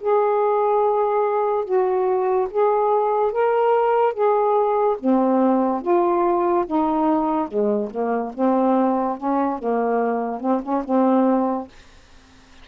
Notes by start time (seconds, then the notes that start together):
0.00 G#4
1.64 F#4
2.50 G#4
3.32 A#4
4.13 G#4
4.99 C4
5.81 F4
6.66 D#4
7.48 G#3
7.91 A#3
8.34 C4
9.17 C#4
9.58 A#3
10.40 C4
10.62 C#4
10.84 C4